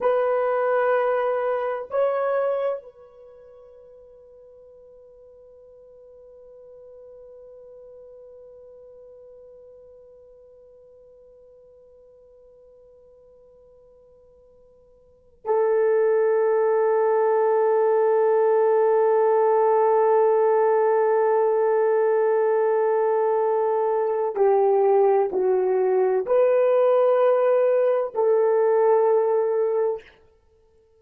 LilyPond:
\new Staff \with { instrumentName = "horn" } { \time 4/4 \tempo 4 = 64 b'2 cis''4 b'4~ | b'1~ | b'1~ | b'1~ |
b'8 a'2.~ a'8~ | a'1~ | a'2 g'4 fis'4 | b'2 a'2 | }